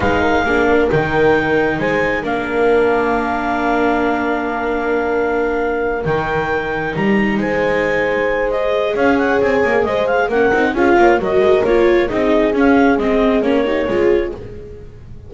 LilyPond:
<<
  \new Staff \with { instrumentName = "clarinet" } { \time 4/4 \tempo 4 = 134 f''2 g''2 | gis''4 f''2.~ | f''1~ | f''4. g''2 ais''8~ |
ais''8 gis''2~ gis''8 dis''4 | f''8 fis''8 gis''4 dis''8 f''8 fis''4 | f''4 dis''4 cis''4 dis''4 | f''4 dis''4 cis''2 | }
  \new Staff \with { instrumentName = "horn" } { \time 4/4 b'8 ais'8 gis'8 ais'2~ ais'8 | c''4 ais'2.~ | ais'1~ | ais'1~ |
ais'8 c''2.~ c''8 | cis''2 c''4 ais'4 | gis'8 cis''8 ais'2 gis'4~ | gis'2~ gis'8 g'8 gis'4 | }
  \new Staff \with { instrumentName = "viola" } { \time 4/4 dis'4 d'4 dis'2~ | dis'4 d'2.~ | d'1~ | d'4. dis'2~ dis'8~ |
dis'2. gis'4~ | gis'2. cis'8 dis'8 | f'4 fis'4 f'4 dis'4 | cis'4 c'4 cis'8 dis'8 f'4 | }
  \new Staff \with { instrumentName = "double bass" } { \time 4/4 gis4 ais4 dis2 | gis4 ais2.~ | ais1~ | ais4. dis2 g8~ |
g8 gis2.~ gis8 | cis'4 c'8 ais8 gis4 ais8 c'8 | cis'8 ais8 fis8 gis8 ais4 c'4 | cis'4 gis4 ais4 gis4 | }
>>